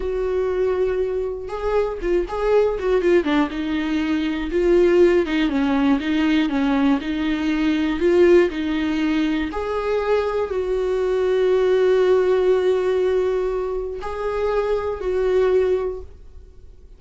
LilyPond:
\new Staff \with { instrumentName = "viola" } { \time 4/4 \tempo 4 = 120 fis'2. gis'4 | f'8 gis'4 fis'8 f'8 d'8 dis'4~ | dis'4 f'4. dis'8 cis'4 | dis'4 cis'4 dis'2 |
f'4 dis'2 gis'4~ | gis'4 fis'2.~ | fis'1 | gis'2 fis'2 | }